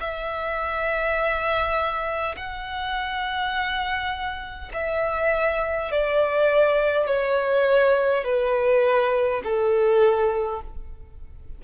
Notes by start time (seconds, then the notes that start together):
0.00 E5
2.36 F#5
4.73 E5
5.91 D5
7.06 C#5
8.24 B4
9.44 A4